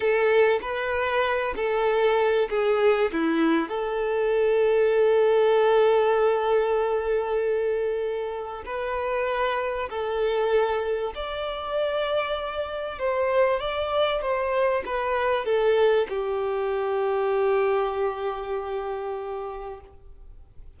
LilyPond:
\new Staff \with { instrumentName = "violin" } { \time 4/4 \tempo 4 = 97 a'4 b'4. a'4. | gis'4 e'4 a'2~ | a'1~ | a'2 b'2 |
a'2 d''2~ | d''4 c''4 d''4 c''4 | b'4 a'4 g'2~ | g'1 | }